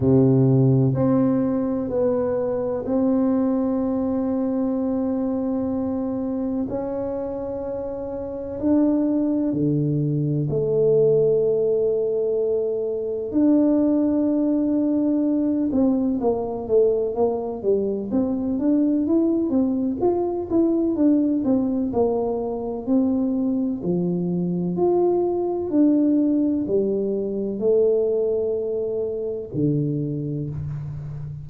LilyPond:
\new Staff \with { instrumentName = "tuba" } { \time 4/4 \tempo 4 = 63 c4 c'4 b4 c'4~ | c'2. cis'4~ | cis'4 d'4 d4 a4~ | a2 d'2~ |
d'8 c'8 ais8 a8 ais8 g8 c'8 d'8 | e'8 c'8 f'8 e'8 d'8 c'8 ais4 | c'4 f4 f'4 d'4 | g4 a2 d4 | }